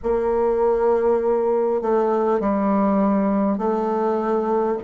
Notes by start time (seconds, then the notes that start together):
0.03 A#3
1.81 A3
2.39 G3
3.58 A3